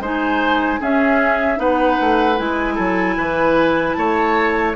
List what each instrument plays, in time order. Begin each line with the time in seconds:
0.00 bassoon G#3, clarinet D#4, oboe C5, flute G#5
0.81 clarinet C#4, bassoon C#4, oboe G#4, flute E5
1.57 bassoon B3, clarinet D#4, oboe B4, flute F#5
2.01 bassoon A3
2.37 bassoon G#3, clarinet E4, flute G#5
2.75 bassoon F#3, oboe A4
3.17 bassoon E3, oboe B4
3.93 bassoon A3, oboe C#5, flute A5